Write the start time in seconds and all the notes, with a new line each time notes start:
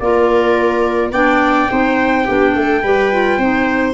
0.00 A#3 F4 A#4 D5
1.12 B3 D4 D5 G5
1.70 C4 D#4 C5
2.25 B3 D4 G4
2.56 A3 A4
2.83 G3 G4 B4
3.13 F4
3.39 C4 D#4 C5